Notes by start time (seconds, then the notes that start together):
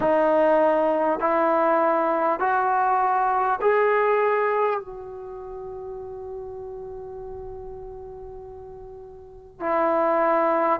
0.00 D#4
1.19 E4
2.39 F#4
3.61 G#4
4.79 F#4
9.60 E4